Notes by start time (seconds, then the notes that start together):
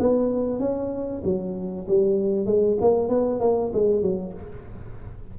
0.00 B3
0.60 C#4
1.24 F#3
1.88 G3
2.46 G#3
2.81 A#3
3.09 B3
3.40 A#3
3.74 G#3
4.02 F#3